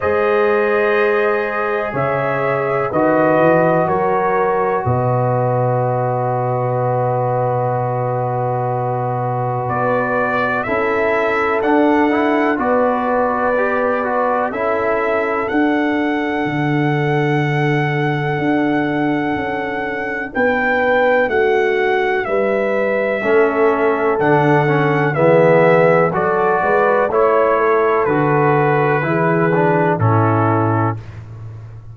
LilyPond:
<<
  \new Staff \with { instrumentName = "trumpet" } { \time 4/4 \tempo 4 = 62 dis''2 e''4 dis''4 | cis''4 dis''2.~ | dis''2 d''4 e''4 | fis''4 d''2 e''4 |
fis''1~ | fis''4 g''4 fis''4 e''4~ | e''4 fis''4 e''4 d''4 | cis''4 b'2 a'4 | }
  \new Staff \with { instrumentName = "horn" } { \time 4/4 c''2 cis''4 b'4 | ais'4 b'2.~ | b'2. a'4~ | a'4 b'2 a'4~ |
a'1~ | a'4 b'4 fis'4 b'4 | a'2 gis'4 a'8 b'8 | cis''8 a'4. gis'4 e'4 | }
  \new Staff \with { instrumentName = "trombone" } { \time 4/4 gis'2. fis'4~ | fis'1~ | fis'2. e'4 | d'8 e'8 fis'4 g'8 fis'8 e'4 |
d'1~ | d'1 | cis'4 d'8 cis'8 b4 fis'4 | e'4 fis'4 e'8 d'8 cis'4 | }
  \new Staff \with { instrumentName = "tuba" } { \time 4/4 gis2 cis4 dis8 e8 | fis4 b,2.~ | b,2 b4 cis'4 | d'4 b2 cis'4 |
d'4 d2 d'4 | cis'4 b4 a4 g4 | a4 d4 e4 fis8 gis8 | a4 d4 e4 a,4 | }
>>